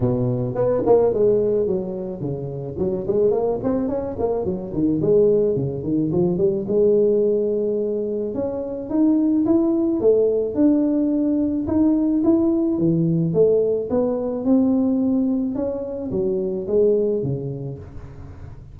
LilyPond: \new Staff \with { instrumentName = "tuba" } { \time 4/4 \tempo 4 = 108 b,4 b8 ais8 gis4 fis4 | cis4 fis8 gis8 ais8 c'8 cis'8 ais8 | fis8 dis8 gis4 cis8 dis8 f8 g8 | gis2. cis'4 |
dis'4 e'4 a4 d'4~ | d'4 dis'4 e'4 e4 | a4 b4 c'2 | cis'4 fis4 gis4 cis4 | }